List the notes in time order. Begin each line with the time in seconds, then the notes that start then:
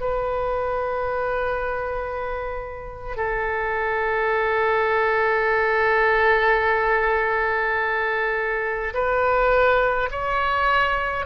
0.00 B4
3.16 A4
8.94 B4
10.11 C#5